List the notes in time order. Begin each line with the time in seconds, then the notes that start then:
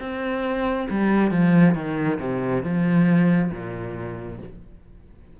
0.00 C4
0.90 G3
1.32 F3
1.75 D#3
2.20 C3
2.64 F3
3.52 A#2